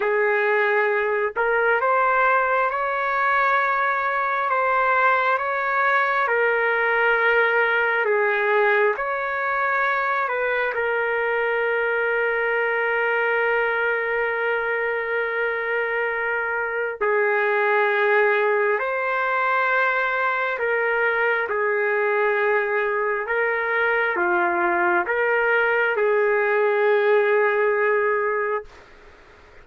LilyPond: \new Staff \with { instrumentName = "trumpet" } { \time 4/4 \tempo 4 = 67 gis'4. ais'8 c''4 cis''4~ | cis''4 c''4 cis''4 ais'4~ | ais'4 gis'4 cis''4. b'8 | ais'1~ |
ais'2. gis'4~ | gis'4 c''2 ais'4 | gis'2 ais'4 f'4 | ais'4 gis'2. | }